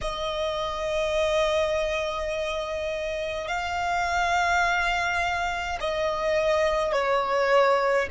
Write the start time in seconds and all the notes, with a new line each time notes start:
0.01 D#5
3.47 F5
5.80 D#5
6.92 C#5